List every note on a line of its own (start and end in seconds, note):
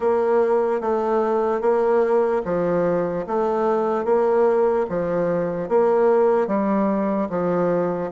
0.00 0.81 A#3
0.81 1.61 A3
1.61 2.42 A#3
2.44 3.25 F3
3.27 4.05 A3
4.05 4.86 A#3
4.89 5.68 F3
5.68 6.47 A#3
6.47 7.28 G3
7.29 8.10 F3